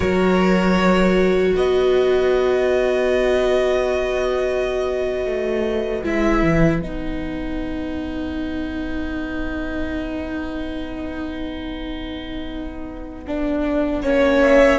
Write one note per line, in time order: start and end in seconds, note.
0.00 1.52 F#3
0.00 6.03 F#4
0.00 1.54 A#4
0.00 1.53 C#5
1.54 5.25 B3
1.54 14.01 B4
1.54 6.04 D#5
5.25 6.03 A3
6.03 6.42 G#3
6.03 6.81 E4
6.03 6.82 E5
6.42 6.81 E3
6.81 14.02 B3
6.81 13.24 D#4
6.81 14.42 F#5
13.27 14.03 D4
14.02 14.79 A#3
14.02 14.79 C#4
14.02 14.79 C#5
14.42 14.79 E5